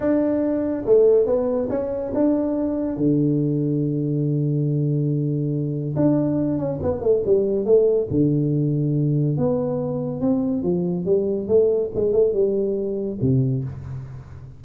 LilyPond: \new Staff \with { instrumentName = "tuba" } { \time 4/4 \tempo 4 = 141 d'2 a4 b4 | cis'4 d'2 d4~ | d1~ | d2 d'4. cis'8 |
b8 a8 g4 a4 d4~ | d2 b2 | c'4 f4 g4 a4 | gis8 a8 g2 c4 | }